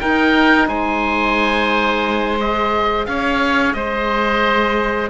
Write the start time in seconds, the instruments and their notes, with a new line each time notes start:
0.00 cello D#4, saxophone D#4, oboe A#4 G5
0.68 cello G#3, oboe C5 G#5
2.40 saxophone G#4, oboe D#5
3.06 cello C#4, oboe C#5 F5
3.73 cello G#3, oboe C5 D#5